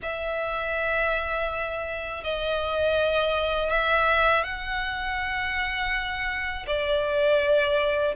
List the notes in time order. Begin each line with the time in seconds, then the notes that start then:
0.02 E5
2.24 D#5
3.70 E5
4.43 F#5
6.66 D5